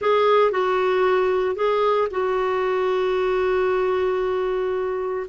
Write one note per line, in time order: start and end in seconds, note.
0.01 0.51 G#4
0.51 1.55 F#4
1.55 2.08 G#4
2.11 5.26 F#4